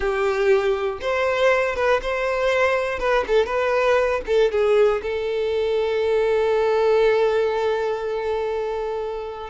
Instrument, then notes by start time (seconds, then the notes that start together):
violin
0.00 G4
1.01 C5
1.75 B4
2.01 C5
2.99 B4
3.27 A4
3.46 B4
4.26 A4
4.51 G#4
5.02 A4